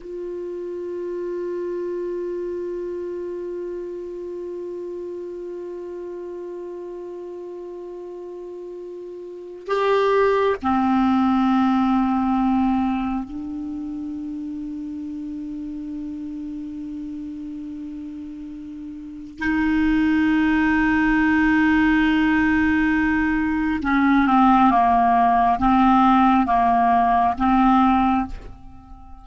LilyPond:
\new Staff \with { instrumentName = "clarinet" } { \time 4/4 \tempo 4 = 68 f'1~ | f'1~ | f'2. g'4 | c'2. d'4~ |
d'1~ | d'2 dis'2~ | dis'2. cis'8 c'8 | ais4 c'4 ais4 c'4 | }